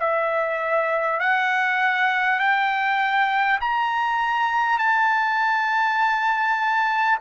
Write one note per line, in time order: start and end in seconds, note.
0.00 1.20 E5
1.20 2.39 F#5
2.39 3.59 G5
3.61 4.79 A#5
4.79 7.19 A5